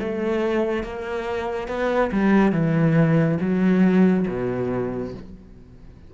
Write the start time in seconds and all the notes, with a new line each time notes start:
0.00 A3
0.84 A#3
1.68 B3
2.12 G3
2.53 E3
3.41 F#3
4.29 B2